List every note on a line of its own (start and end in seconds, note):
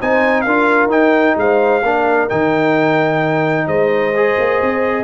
0.00 0.45 C4
0.00 0.47 D#4
0.00 0.44 C5
0.00 0.41 G#5
0.41 0.86 D4
0.41 1.36 A#4
0.41 0.87 F5
0.47 0.90 F4
0.86 1.32 D#4
0.86 1.82 D#4
0.86 1.37 G5
1.37 1.82 G#3
1.37 1.86 C5
1.37 2.29 F5
1.82 2.28 A#3
1.82 2.29 D4
1.82 3.66 A#4
2.29 3.67 D#3
2.29 4.14 D#4
2.29 3.67 G5
3.66 4.36 G#3
3.66 5.04 C5
3.66 5.04 D#5
4.16 5.04 G#4
4.38 4.62 A#3
4.62 5.04 C4